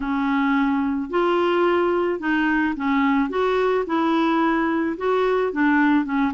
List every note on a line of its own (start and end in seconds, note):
0.00 1.10 C#4
1.10 2.19 F4
2.19 2.74 D#4
2.76 3.29 C#4
3.29 3.84 F#4
3.86 4.96 E4
4.97 5.52 F#4
5.52 6.05 D4
6.05 6.32 C#4